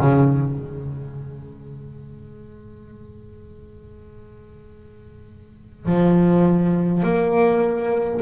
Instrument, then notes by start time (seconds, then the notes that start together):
double bass
0.00 C#3
0.57 G#3
5.86 F3
7.03 A#3